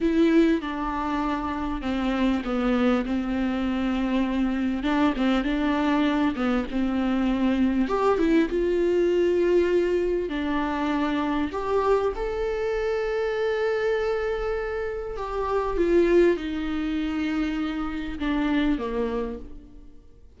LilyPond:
\new Staff \with { instrumentName = "viola" } { \time 4/4 \tempo 4 = 99 e'4 d'2 c'4 | b4 c'2. | d'8 c'8 d'4. b8 c'4~ | c'4 g'8 e'8 f'2~ |
f'4 d'2 g'4 | a'1~ | a'4 g'4 f'4 dis'4~ | dis'2 d'4 ais4 | }